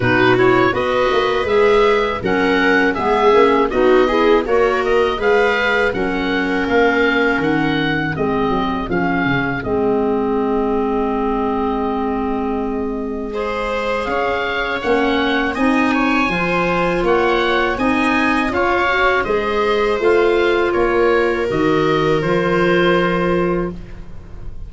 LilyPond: <<
  \new Staff \with { instrumentName = "oboe" } { \time 4/4 \tempo 4 = 81 b'8 cis''8 dis''4 e''4 fis''4 | e''4 dis''4 cis''8 dis''8 f''4 | fis''4 f''4 fis''4 dis''4 | f''4 dis''2.~ |
dis''2. f''4 | fis''4 gis''2 fis''4 | gis''4 f''4 dis''4 f''4 | cis''4 dis''4 c''2 | }
  \new Staff \with { instrumentName = "viola" } { \time 4/4 fis'4 b'2 ais'4 | gis'4 fis'8 gis'8 ais'4 b'4 | ais'2. gis'4~ | gis'1~ |
gis'2 c''4 cis''4~ | cis''4 dis''8 cis''8 c''4 cis''4 | dis''4 cis''4 c''2 | ais'1 | }
  \new Staff \with { instrumentName = "clarinet" } { \time 4/4 dis'8 e'8 fis'4 gis'4 cis'4 | b8 cis'8 dis'8 e'8 fis'4 gis'4 | cis'2. c'4 | cis'4 c'2.~ |
c'2 gis'2 | cis'4 dis'4 f'2 | dis'4 f'8 fis'8 gis'4 f'4~ | f'4 fis'4 f'2 | }
  \new Staff \with { instrumentName = "tuba" } { \time 4/4 b,4 b8 ais8 gis4 fis4 | gis8 ais8 b4 ais4 gis4 | fis4 ais4 dis4 gis8 fis8 | f8 cis8 gis2.~ |
gis2. cis'4 | ais4 c'4 f4 ais4 | c'4 cis'4 gis4 a4 | ais4 dis4 f2 | }
>>